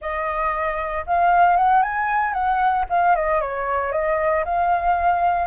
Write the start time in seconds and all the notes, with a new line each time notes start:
0.01 D#5
1.06 F5
1.56 F#5
1.82 G#5
2.33 F#5
2.89 F5
3.15 D#5
3.41 C#5
3.92 D#5
4.44 F5